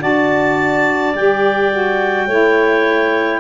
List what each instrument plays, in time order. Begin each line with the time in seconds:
0.00 tuba D4, saxophone F#4, clarinet D5 A5
1.15 tuba G3, saxophone G4, clarinet G5
1.72 saxophone F#4
2.27 tuba A3, saxophone E4, clarinet C#5